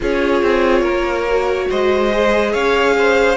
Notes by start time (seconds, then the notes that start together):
0.00 C#4 F4 G#4 C#5
0.42 C4
0.81 A#3 A#4
1.29 F#4
1.69 G#3 C5 D#5
2.12 G#4
2.51 C#4 C#5 F5
2.98 C5